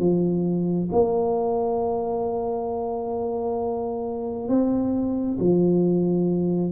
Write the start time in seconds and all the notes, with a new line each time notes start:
0.00 F3
0.92 A#3
4.49 C4
5.39 F3